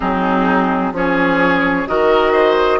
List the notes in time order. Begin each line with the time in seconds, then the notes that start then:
0.00 F#3 C4 D#4 G#4
0.92 F3 C#4 G#4 C#5
1.87 D#3 F#4 A#4 D#5
2.32 C5